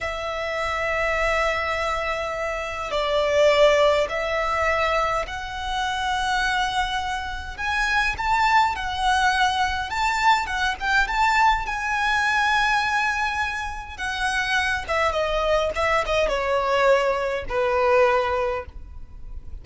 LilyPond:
\new Staff \with { instrumentName = "violin" } { \time 4/4 \tempo 4 = 103 e''1~ | e''4 d''2 e''4~ | e''4 fis''2.~ | fis''4 gis''4 a''4 fis''4~ |
fis''4 a''4 fis''8 g''8 a''4 | gis''1 | fis''4. e''8 dis''4 e''8 dis''8 | cis''2 b'2 | }